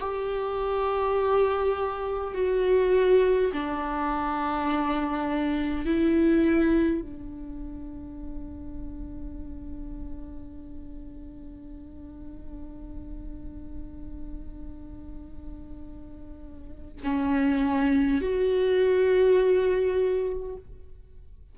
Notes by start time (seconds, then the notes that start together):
0.00 G4
2.34 F#4
3.53 D4
5.86 E4
7.02 D4
17.03 C#4
18.21 F#4